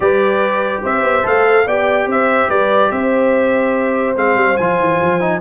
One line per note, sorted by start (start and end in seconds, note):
0.00 0.82 G3
0.00 1.22 G4
0.00 0.82 B4
0.00 0.82 D5
0.82 1.02 C4
0.82 1.65 C5
0.82 1.26 E5
1.02 1.23 B3
1.23 1.66 A3
1.23 1.64 A4
1.23 1.67 F5
1.66 2.06 B3
1.66 4.16 G4
1.66 2.08 D5
1.66 2.09 G5
2.06 2.47 C4
2.06 2.48 C5
2.06 2.50 E5
2.48 2.90 G3
2.48 2.90 B4
2.48 2.91 D5
2.91 4.15 C4
2.91 5.40 C5
2.91 4.16 E5
4.15 4.35 G#3
4.15 4.58 C4
4.15 4.56 F5
4.35 4.56 G3
4.56 4.79 F3
4.56 5.20 F4
4.56 5.40 G#5
4.79 5.00 E3
5.01 5.40 F3
5.20 5.40 D#4